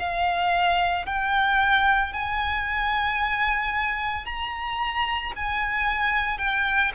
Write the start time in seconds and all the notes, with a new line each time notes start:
0.00 F5
1.06 G5
2.13 G#5
4.26 A#5
5.36 G#5
6.38 G5